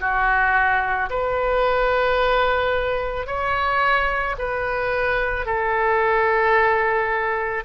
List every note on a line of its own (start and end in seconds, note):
0.00 1.09 F#4
1.10 3.27 B4
3.27 4.36 C#5
4.38 5.45 B4
5.45 7.64 A4